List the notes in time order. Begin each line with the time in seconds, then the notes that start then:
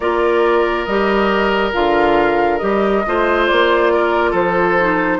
0.00 A#3 F4 A#4 D5
0.84 G3 G4 D#5
1.72 D3 F4 F5
2.58 G3 G4 D#5
3.06 A3 F4 C5
3.46 A#3 D5
3.93 A#4
4.30 F3 A4 C5
4.80 D#4